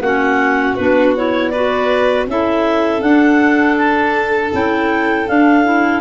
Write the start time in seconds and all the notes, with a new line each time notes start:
0.00 A#3 C#4 F#4 F#5
0.75 B3 D4 B4
1.16 E4 C#5
1.50 F#4 B4 D5
2.27 C#4 E4 A4 E5
3.01 D4 F#5
3.77 A5
4.52 C#4 E4 G5
5.27 D4 F5
5.65 E4